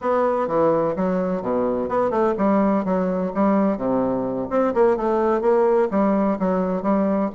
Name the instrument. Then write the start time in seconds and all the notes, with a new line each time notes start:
bassoon
0.01 B3
0.47 E3
0.96 F#3
1.42 B2
1.88 B3
2.10 A3
2.37 G3
2.84 F#3
3.34 G3
3.77 C3
4.49 C4
4.74 A#3
4.96 A3
5.41 A#3
5.91 G3
6.39 F#3
6.82 G3